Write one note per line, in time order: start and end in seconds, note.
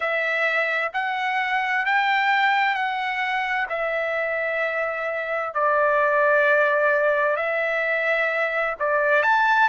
0.00 0.91 E5
0.93 1.85 F#5
1.85 2.74 G5
2.74 3.67 F#5
3.69 5.53 E5
5.53 7.36 D5
7.36 8.74 E5
8.79 9.23 D5
9.23 9.69 A5